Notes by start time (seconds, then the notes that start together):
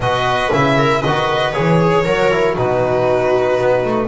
0.00 B2 F#4 B4 D#5
0.52 C#3 E4 E5
0.77 A#4
0.99 D#3 B4 D#5
1.06 F#4
1.52 E3 G#4 C#5
1.80 G#4
2.04 F#3 F#4 A#4
2.31 E4
2.54 B2 D#4 F#4 B4
3.58 B3
3.84 A3